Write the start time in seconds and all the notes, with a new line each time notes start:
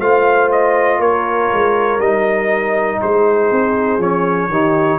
0.00 A3 F4 C5 F5
0.52 D#5
1.00 A#3 A#4 C#5
1.53 G#3
1.99 G3 D#4 D#5
3.02 G#3 G#4 C5
3.51 C4
3.98 F3 C#4 C#5
4.48 D#3 D#4 G4